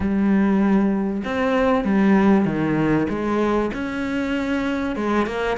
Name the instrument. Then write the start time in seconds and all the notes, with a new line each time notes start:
cello
0.00 G3
1.24 C4
1.84 G3
2.45 D#3
3.09 G#3
3.73 C#4
4.96 G#3
5.26 A#3